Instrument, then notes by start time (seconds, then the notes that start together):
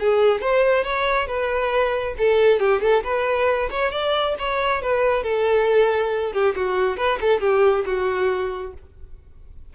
violin
0.00 G#4
0.42 C5
0.84 C#5
1.28 B4
2.18 A4
2.60 G4
2.82 A4
3.04 B4
3.71 C#5
3.92 D5
4.39 C#5
4.82 B4
5.24 A4
6.33 G4
6.56 F#4
6.98 B4
7.21 A4
7.41 G4
7.86 F#4